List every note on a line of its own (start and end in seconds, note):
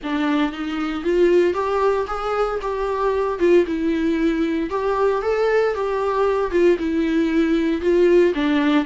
0.03 0.51 D4
0.51 1.03 D#4
1.03 1.53 F4
1.53 2.06 G4
2.07 2.59 G#4
2.61 3.39 G4
3.39 3.65 F4
3.66 4.70 E4
4.70 5.22 G4
5.22 5.74 A4
5.74 6.51 G4
6.51 6.77 F4
6.78 7.81 E4
7.81 8.33 F4
8.34 8.85 D4